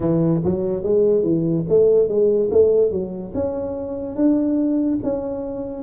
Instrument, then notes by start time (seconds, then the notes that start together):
tuba
0.00 E3
0.44 F#3
0.83 G#3
1.23 E3
1.69 A3
2.08 G#3
2.51 A3
2.91 F#3
3.34 C#4
4.16 D4
5.03 C#4